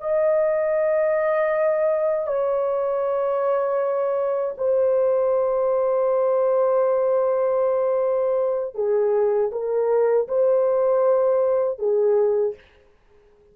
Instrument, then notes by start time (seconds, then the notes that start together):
horn
0.00 D#5
2.27 C#5
4.57 C5
8.75 G#4
9.52 A#4
10.28 C5
11.79 G#4